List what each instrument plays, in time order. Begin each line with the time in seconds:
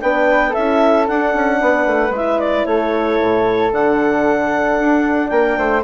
0.00 bassoon B3, horn D4, flute B4, clarinet G5
0.49 horn E4, flute A4, clarinet E5
0.56 bassoon C#4
1.06 horn D4, bassoon D4, clarinet F#5
1.34 bassoon C#4
1.61 bassoon B3, flute B4
1.86 bassoon A3
2.10 bassoon G#3, horn E4
2.16 clarinet E5
2.39 clarinet D5
2.65 bassoon A3, flute A4, clarinet C#5
3.20 bassoon A2
3.72 bassoon D3, horn D4, clarinet F#5
4.79 bassoon D4
5.28 bassoon A#3, flute A#4, clarinet G5
5.57 bassoon A3, flute C5